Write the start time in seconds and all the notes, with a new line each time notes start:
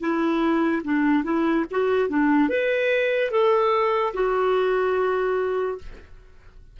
0.00 E4
0.84 D4
1.24 E4
1.71 F#4
2.09 D4
2.49 B4
3.31 A4
4.14 F#4